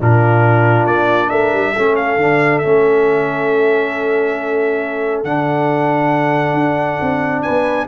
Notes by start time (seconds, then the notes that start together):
0.00 A#2 D4 F4 A#4
0.86 A#3 D5
1.30 A3 A#4 E5
1.53 G3
1.73 A3 C#4 A4
1.96 F5
2.17 D3 D4
2.59 C#4 E5
2.65 A3
5.24 D3 D4 F#5
6.54 D4
7.01 C4
7.43 B4 G#5
7.49 B3